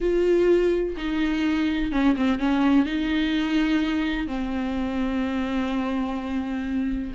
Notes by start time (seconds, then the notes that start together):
0.00 F4
0.96 D#4
1.92 C#4
2.16 C4
2.39 C#4
2.85 D#4
4.27 C4